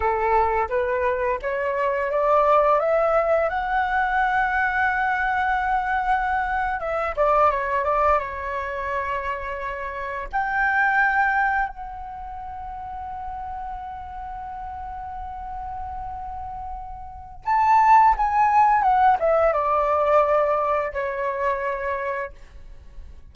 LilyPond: \new Staff \with { instrumentName = "flute" } { \time 4/4 \tempo 4 = 86 a'4 b'4 cis''4 d''4 | e''4 fis''2.~ | fis''4.~ fis''16 e''8 d''8 cis''8 d''8 cis''16~ | cis''2~ cis''8. g''4~ g''16~ |
g''8. fis''2.~ fis''16~ | fis''1~ | fis''4 a''4 gis''4 fis''8 e''8 | d''2 cis''2 | }